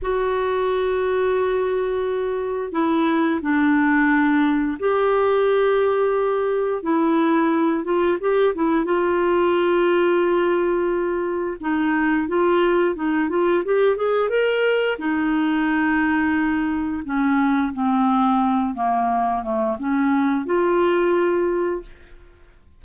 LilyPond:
\new Staff \with { instrumentName = "clarinet" } { \time 4/4 \tempo 4 = 88 fis'1 | e'4 d'2 g'4~ | g'2 e'4. f'8 | g'8 e'8 f'2.~ |
f'4 dis'4 f'4 dis'8 f'8 | g'8 gis'8 ais'4 dis'2~ | dis'4 cis'4 c'4. ais8~ | ais8 a8 cis'4 f'2 | }